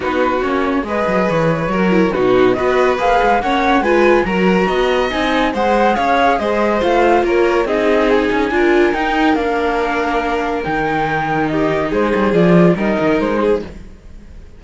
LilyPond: <<
  \new Staff \with { instrumentName = "flute" } { \time 4/4 \tempo 4 = 141 b'4 cis''4 dis''4 cis''4~ | cis''4 b'4 dis''4 f''4 | fis''4 gis''4 ais''2 | gis''4 fis''4 f''4 dis''4 |
f''4 cis''4 dis''4 gis''4~ | gis''4 g''4 f''2~ | f''4 g''2 dis''4 | c''4 d''4 dis''4 c''4 | }
  \new Staff \with { instrumentName = "violin" } { \time 4/4 fis'2 b'2 | ais'4 fis'4 b'2 | cis''4 b'4 ais'4 dis''4~ | dis''4 c''4 cis''4 c''4~ |
c''4 ais'4 gis'2 | ais'1~ | ais'2. g'4 | gis'2 ais'4. gis'8 | }
  \new Staff \with { instrumentName = "viola" } { \time 4/4 dis'4 cis'4 gis'2 | fis'8 e'8 dis'4 fis'4 gis'4 | cis'4 f'4 fis'2 | dis'4 gis'2. |
f'2 dis'2 | f'4 dis'4 d'2~ | d'4 dis'2.~ | dis'4 f'4 dis'2 | }
  \new Staff \with { instrumentName = "cello" } { \time 4/4 b4 ais4 gis8 fis8 e4 | fis4 b,4 b4 ais8 gis8 | ais4 gis4 fis4 b4 | c'4 gis4 cis'4 gis4 |
a4 ais4 c'4. cis'8 | d'4 dis'4 ais2~ | ais4 dis2. | gis8 g8 f4 g8 dis8 gis4 | }
>>